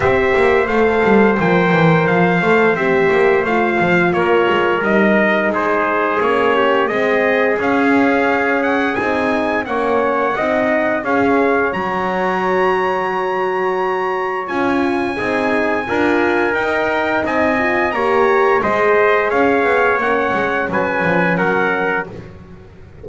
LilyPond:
<<
  \new Staff \with { instrumentName = "trumpet" } { \time 4/4 \tempo 4 = 87 e''4 f''4 g''4 f''4 | e''4 f''4 cis''4 dis''4 | c''4 cis''4 dis''4 f''4~ | f''8 fis''8 gis''4 fis''2 |
f''4 ais''2.~ | ais''4 gis''2. | g''4 gis''4 ais''4 dis''4 | f''4 fis''4 gis''4 fis''4 | }
  \new Staff \with { instrumentName = "trumpet" } { \time 4/4 c''1~ | c''2 ais'2 | gis'4. g'8 gis'2~ | gis'2 cis''4 dis''4 |
cis''1~ | cis''2 gis'4 ais'4~ | ais'4 dis''4 cis''4 c''4 | cis''2 b'4 ais'4 | }
  \new Staff \with { instrumentName = "horn" } { \time 4/4 g'4 a'4 ais'4. a'8 | g'4 f'2 dis'4~ | dis'4 cis'4 c'4 cis'4~ | cis'4 dis'4 cis'4 dis'4 |
gis'4 fis'2.~ | fis'4 f'4 dis'4 f'4 | dis'4. f'8 g'4 gis'4~ | gis'4 cis'2. | }
  \new Staff \with { instrumentName = "double bass" } { \time 4/4 c'8 ais8 a8 g8 f8 e8 f8 a8 | c'8 ais8 a8 f8 ais8 gis8 g4 | gis4 ais4 gis4 cis'4~ | cis'4 c'4 ais4 c'4 |
cis'4 fis2.~ | fis4 cis'4 c'4 d'4 | dis'4 c'4 ais4 gis4 | cis'8 b8 ais8 gis8 fis8 f8 fis4 | }
>>